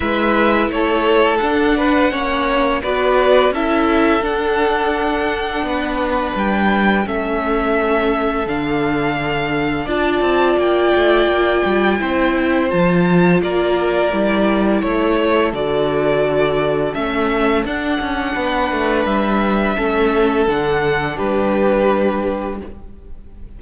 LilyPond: <<
  \new Staff \with { instrumentName = "violin" } { \time 4/4 \tempo 4 = 85 e''4 cis''4 fis''2 | d''4 e''4 fis''2~ | fis''4 g''4 e''2 | f''2 a''4 g''4~ |
g''2 a''4 d''4~ | d''4 cis''4 d''2 | e''4 fis''2 e''4~ | e''4 fis''4 b'2 | }
  \new Staff \with { instrumentName = "violin" } { \time 4/4 b'4 a'4. b'8 cis''4 | b'4 a'2. | b'2 a'2~ | a'2 d''2~ |
d''4 c''2 ais'4~ | ais'4 a'2.~ | a'2 b'2 | a'2 g'2 | }
  \new Staff \with { instrumentName = "viola" } { \time 4/4 e'2 d'4 cis'4 | fis'4 e'4 d'2~ | d'2 cis'2 | d'2 f'2~ |
f'4 e'4 f'2 | e'2 fis'2 | cis'4 d'2. | cis'4 d'2. | }
  \new Staff \with { instrumentName = "cello" } { \time 4/4 gis4 a4 d'4 ais4 | b4 cis'4 d'2 | b4 g4 a2 | d2 d'8 c'8 ais8 a8 |
ais8 g8 c'4 f4 ais4 | g4 a4 d2 | a4 d'8 cis'8 b8 a8 g4 | a4 d4 g2 | }
>>